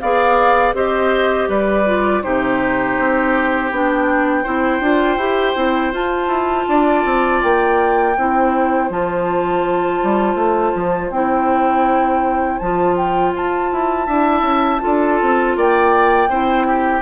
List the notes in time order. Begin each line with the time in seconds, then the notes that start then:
0.00 B3 G#4 D5 F5
0.73 C4 G4 C5 D#5
1.48 G3 B4 D5
1.85 F4
2.22 C3 D#4 G4 C5
2.98 C4
3.71 B3 D4 G5
4.43 C4 E4 C5
4.80 D4 F4
5.17 E4 G4
5.55 C4 E4
5.92 F4 A5
6.27 E4
6.67 D4 D5
7.04 C4
7.42 A#3 G5
8.17 C4 E4 C5
8.89 F3 F4 A5
10.03 G3
10.35 A3
10.74 F3
11.10 C4 E4 G5
12.58 F3 F4 A5
12.96 G5
13.33 F4 A5
13.72 E4
14.06 D4 E4 E5
14.41 C#4
14.79 D4 F4 A4
15.21 C4
15.56 A#3 D5 G5
16.29 C4 E4 C5
16.67 G4